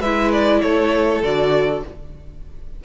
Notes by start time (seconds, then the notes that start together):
0.00 G#3 E4 B4 E5
0.32 D5
0.61 A3 A4 C#5
1.23 D3 F#4 D5